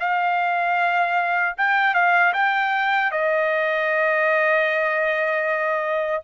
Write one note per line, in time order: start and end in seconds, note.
0.00 1.56 F5
1.58 1.94 G5
1.94 2.33 F5
2.34 3.12 G5
3.12 6.23 D#5